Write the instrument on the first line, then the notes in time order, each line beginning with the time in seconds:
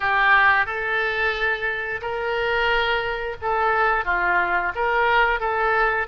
oboe
0.00 G4
0.66 A4
2.01 A#4
3.41 A4
4.04 F4
4.75 A#4
5.39 A4